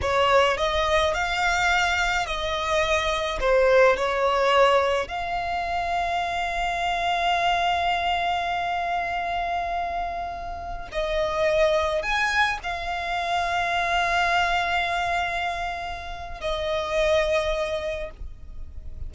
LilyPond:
\new Staff \with { instrumentName = "violin" } { \time 4/4 \tempo 4 = 106 cis''4 dis''4 f''2 | dis''2 c''4 cis''4~ | cis''4 f''2.~ | f''1~ |
f''2.~ f''16 dis''8.~ | dis''4~ dis''16 gis''4 f''4.~ f''16~ | f''1~ | f''4 dis''2. | }